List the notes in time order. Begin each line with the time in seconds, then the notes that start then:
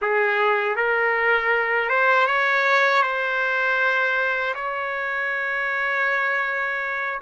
0.01 G#4
0.76 A#4
1.89 C5
2.26 C#5
3.02 C5
4.54 C#5